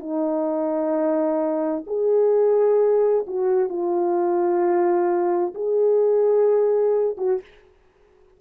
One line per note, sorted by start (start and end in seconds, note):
0.00 1.85 D#4
1.87 3.26 G#4
3.27 3.70 F#4
3.70 5.54 F4
5.55 7.17 G#4
7.18 7.41 F#4